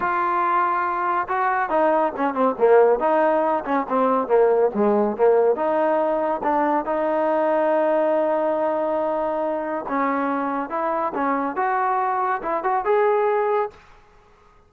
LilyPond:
\new Staff \with { instrumentName = "trombone" } { \time 4/4 \tempo 4 = 140 f'2. fis'4 | dis'4 cis'8 c'8 ais4 dis'4~ | dis'8 cis'8 c'4 ais4 gis4 | ais4 dis'2 d'4 |
dis'1~ | dis'2. cis'4~ | cis'4 e'4 cis'4 fis'4~ | fis'4 e'8 fis'8 gis'2 | }